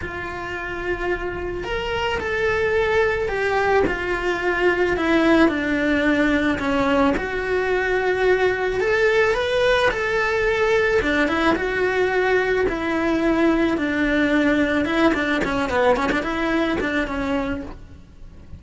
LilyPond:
\new Staff \with { instrumentName = "cello" } { \time 4/4 \tempo 4 = 109 f'2. ais'4 | a'2 g'4 f'4~ | f'4 e'4 d'2 | cis'4 fis'2. |
a'4 b'4 a'2 | d'8 e'8 fis'2 e'4~ | e'4 d'2 e'8 d'8 | cis'8 b8 cis'16 d'16 e'4 d'8 cis'4 | }